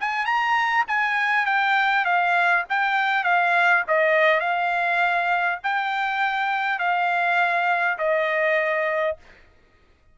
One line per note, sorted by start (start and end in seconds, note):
0.00 0.25 G#5
0.25 0.85 A#5
0.88 1.46 G#5
1.46 2.05 G5
2.05 2.64 F5
2.69 3.24 G5
3.24 3.83 F5
3.88 4.40 D#5
4.40 5.59 F5
5.64 6.79 G5
6.79 7.98 F5
7.98 9.17 D#5